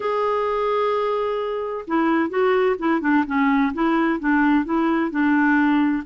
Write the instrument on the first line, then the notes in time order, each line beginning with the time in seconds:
clarinet
0.00 G#4
1.87 E4
2.29 F#4
2.78 E4
3.01 D4
3.26 C#4
3.73 E4
4.19 D4
4.64 E4
5.10 D4